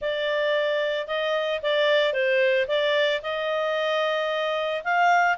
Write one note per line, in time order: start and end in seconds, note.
0.01 1.07 D5
1.07 1.60 D#5
1.62 2.13 D5
2.13 2.66 C5
2.67 3.21 D5
3.22 4.83 D#5
4.84 5.37 F5